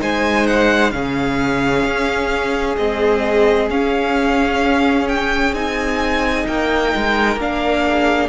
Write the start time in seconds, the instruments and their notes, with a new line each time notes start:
0.00 cello G#3, viola D#4, violin C5 G#5
0.47 violin F#5
0.91 cello C#3, viola C#4, violin G#4 F5
1.85 cello C#4
2.76 viola G#3, cello C4, violin D#5
3.69 cello C#4, viola C#4, violin F5
5.08 violin G5
5.52 cello C4, viola D#4, violin G#5
6.47 cello A#3, violin A#4 G5
6.95 cello G#3
7.36 cello A#3, viola D4, violin F5
7.84 violin G#4